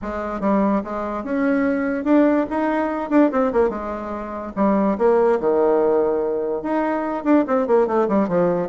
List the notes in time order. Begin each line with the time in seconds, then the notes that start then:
0.02 G#3
0.40 G3
0.84 G#3
1.24 C#4
2.04 D4
2.50 D#4
3.10 D4
3.31 C4
3.52 A#3
3.69 G#3
4.56 G3
4.97 A#3
5.40 D#3
6.62 D#4
7.24 D4
7.47 C4
7.67 A#3
7.87 A3
8.08 G3
8.28 F3